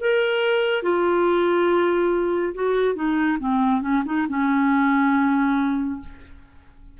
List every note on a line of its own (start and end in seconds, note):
0.00 0.82 A#4
0.82 2.54 F4
2.54 2.95 F#4
2.95 3.37 D#4
3.39 3.81 C4
3.81 4.03 C#4
4.05 4.27 D#4
4.29 6.00 C#4